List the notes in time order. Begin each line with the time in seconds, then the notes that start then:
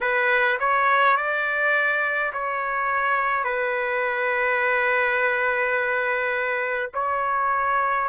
0.01 B4
0.59 C#5
1.16 D5
2.32 C#5
3.44 B4
6.93 C#5